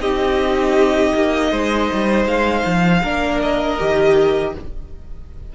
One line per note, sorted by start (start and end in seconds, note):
0.00 1.12 C4
0.00 3.03 D#4
0.00 1.50 G4
0.00 2.26 D#5
1.15 1.52 A#3
1.50 1.89 G#3
1.50 3.00 C5
1.93 2.25 G3
2.25 2.63 G#3
2.25 3.40 F5
2.65 3.03 F3
3.02 3.78 A#3
3.02 3.79 D4
3.02 4.52 A#4
3.41 4.54 D#5
3.79 4.55 D#3
3.79 4.54 G4